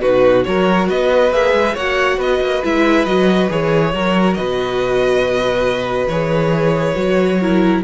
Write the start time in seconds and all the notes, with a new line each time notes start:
0.00 B2 D#4 F#4 B4
0.44 F#3 F#4 A#4 C#5
0.89 B3 B4 D#5
1.31 A#3 G#4 E5
1.53 G#3
1.74 A#3 F#4 C#5 F#5
2.17 B3 B4 D#5
2.40 A#3
2.63 G#3 E4 E5
3.05 F#3 F#4 D#5
3.49 E3 G#4 C#5
3.93 F#3 F#4 A#4
4.34 B2 B4 D#5
6.07 E3 G#4 C#5
6.95 F#3 F#4
7.40 E4 A#4